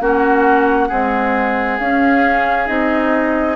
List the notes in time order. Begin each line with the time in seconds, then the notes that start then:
0.00 A#3 C#4 F#4 F#5
0.88 G#3 C4 G#4
1.78 C#4 F5
2.66 C4 D#4 D#5